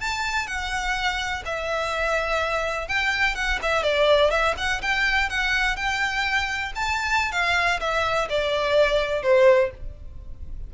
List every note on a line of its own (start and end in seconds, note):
0.00 0.46 A5
0.46 1.42 F#5
1.45 2.88 E5
2.88 3.34 G5
3.34 3.58 F#5
3.62 3.83 E5
3.83 4.30 D5
4.30 4.54 E5
4.57 4.81 F#5
4.82 5.29 G5
5.29 5.76 F#5
5.76 6.72 G5
6.75 7.32 A5
7.32 7.80 F5
7.80 8.28 E5
8.29 9.22 D5
9.22 9.70 C5